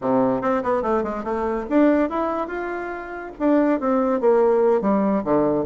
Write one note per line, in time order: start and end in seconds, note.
0.01 0.41 C3
0.41 0.62 C4
0.63 0.82 B3
0.82 1.03 A3
1.03 1.23 G#3
1.23 1.65 A3
1.69 2.09 D4
2.09 2.47 E4
2.47 3.31 F4
3.39 3.80 D4
3.80 4.20 C4
4.20 4.81 A#3
4.81 5.23 G3
5.24 5.65 D3